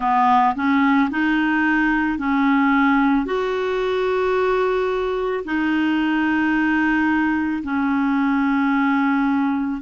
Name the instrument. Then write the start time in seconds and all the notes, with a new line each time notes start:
clarinet
0.00 B3
0.55 C#4
1.10 D#4
2.18 C#4
3.25 F#4
5.44 D#4
7.63 C#4